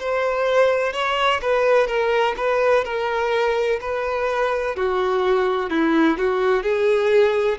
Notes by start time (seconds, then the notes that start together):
0.00 C5
0.93 C#5
1.42 B4
1.87 A#4
2.37 B4
2.84 A#4
3.81 B4
4.76 F#4
5.70 E4
6.18 F#4
6.63 G#4